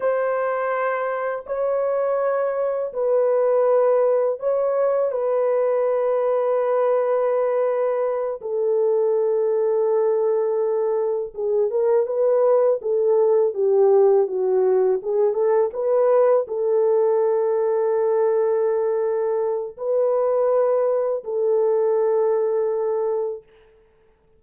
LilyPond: \new Staff \with { instrumentName = "horn" } { \time 4/4 \tempo 4 = 82 c''2 cis''2 | b'2 cis''4 b'4~ | b'2.~ b'8 a'8~ | a'2.~ a'8 gis'8 |
ais'8 b'4 a'4 g'4 fis'8~ | fis'8 gis'8 a'8 b'4 a'4.~ | a'2. b'4~ | b'4 a'2. | }